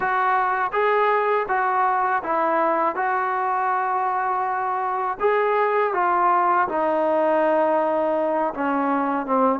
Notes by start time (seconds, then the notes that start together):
0.00 F#4
0.72 G#4
1.48 F#4
2.23 E4
2.95 F#4
5.20 G#4
5.93 F4
6.68 D#4
8.54 C#4
9.26 C4